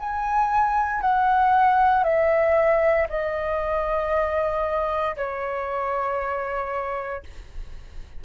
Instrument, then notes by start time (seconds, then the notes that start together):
flute
0.00 G#5
1.02 F#5
2.04 E5
3.09 D#5
5.17 C#5